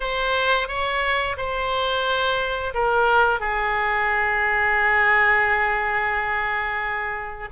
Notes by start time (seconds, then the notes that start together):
0.00 C5
0.68 C#5
1.37 C5
2.74 A#4
3.40 G#4